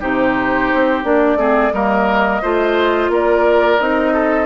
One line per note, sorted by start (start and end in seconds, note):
0.00 0.71 C3
0.00 1.03 D#4
0.00 1.38 G4
0.00 1.05 C5
0.74 1.04 C4
1.03 1.36 A#3
1.03 1.37 D4
1.03 1.73 D5
1.36 1.70 A3
1.36 1.72 C4
1.36 1.73 G#4
1.72 2.41 G3
1.72 2.42 A#3
1.72 2.42 A#4
1.72 3.11 D#5
2.42 3.09 A3
2.42 3.79 F4
2.42 3.11 C5
3.09 3.78 A#3
3.09 4.13 A#4
3.09 3.80 D5
3.79 4.46 C4
3.79 4.46 D#4
3.79 4.46 D#5
4.13 4.46 A4